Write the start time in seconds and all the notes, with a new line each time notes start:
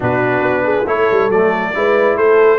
0.00 B2 D4 F#4 B4
0.41 B3
0.64 G#4
0.86 A3 E4 A4 C#5
1.11 G3
1.29 F#3 A3 D5
1.74 G#3 E4 B4
2.17 A3 A4 C5